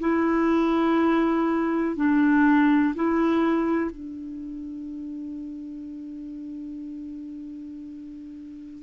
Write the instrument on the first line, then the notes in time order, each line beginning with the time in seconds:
clarinet
0.00 E4
1.96 D4
2.95 E4
3.91 D4